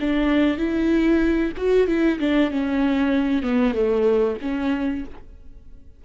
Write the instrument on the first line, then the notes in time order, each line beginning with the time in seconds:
viola
0.00 D4
0.57 E4
1.56 F#4
1.87 E4
2.19 D4
2.50 C#4
3.42 B3
3.74 A3
4.41 C#4